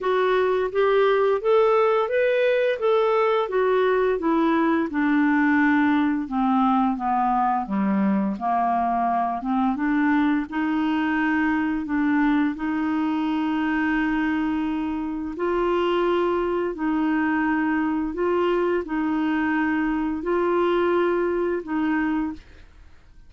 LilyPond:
\new Staff \with { instrumentName = "clarinet" } { \time 4/4 \tempo 4 = 86 fis'4 g'4 a'4 b'4 | a'4 fis'4 e'4 d'4~ | d'4 c'4 b4 g4 | ais4. c'8 d'4 dis'4~ |
dis'4 d'4 dis'2~ | dis'2 f'2 | dis'2 f'4 dis'4~ | dis'4 f'2 dis'4 | }